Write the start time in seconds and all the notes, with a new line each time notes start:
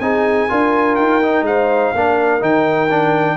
0.00 C4 D#4 G#4 G#5
0.49 D4 F4 A#4
0.95 D#4 G5
1.22 D#4
1.42 G#3 C5 F5
1.94 A#3 D4 A#4
2.40 D#3 D#4 G5
2.90 D4